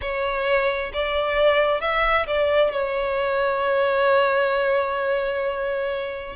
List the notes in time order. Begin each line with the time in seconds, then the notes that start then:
0.01 C#5
0.93 D5
1.81 E5
2.26 D5
2.72 C#5